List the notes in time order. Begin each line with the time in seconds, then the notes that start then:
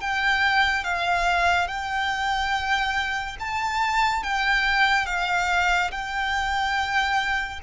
0.00 G5
0.84 F5
1.67 G5
3.40 A5
4.23 G5
5.06 F5
5.91 G5